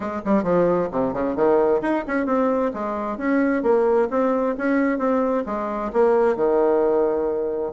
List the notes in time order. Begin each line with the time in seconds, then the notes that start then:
0.00 G#3
0.25 G3
0.43 F3
0.91 C3
1.13 C#3
1.35 D#3
1.81 D#4
2.07 C#4
2.26 C4
2.73 G#3
3.17 C#4
3.62 A#3
4.10 C4
4.57 C#4
4.98 C4
5.45 G#3
5.92 A#3
6.36 D#3